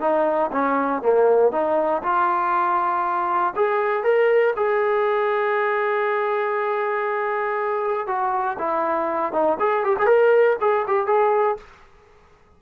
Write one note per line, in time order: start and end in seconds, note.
0.00 0.50 D#4
0.52 1.02 C#4
1.02 1.51 A#3
1.51 2.02 D#4
2.02 3.54 F4
3.55 4.03 G#4
4.03 4.54 A#4
4.56 8.07 G#4
8.07 8.57 F#4
8.58 9.32 E4
9.32 9.58 D#4
9.59 9.84 G#4
9.84 9.96 G4
9.98 10.06 G#4
10.06 10.56 A#4
10.60 10.85 G#4
10.87 11.06 G4
11.06 11.57 G#4